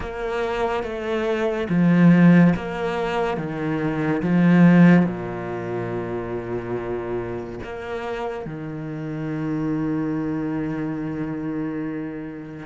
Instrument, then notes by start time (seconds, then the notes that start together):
cello
0.00 A#3
0.83 A3
1.69 F3
2.55 A#3
3.37 D#3
4.22 F3
5.05 A#2
7.63 A#3
8.45 D#3